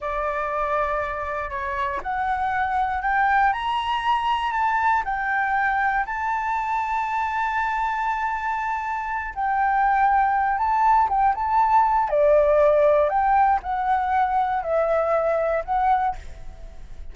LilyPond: \new Staff \with { instrumentName = "flute" } { \time 4/4 \tempo 4 = 119 d''2. cis''4 | fis''2 g''4 ais''4~ | ais''4 a''4 g''2 | a''1~ |
a''2~ a''8 g''4.~ | g''4 a''4 g''8 a''4. | d''2 g''4 fis''4~ | fis''4 e''2 fis''4 | }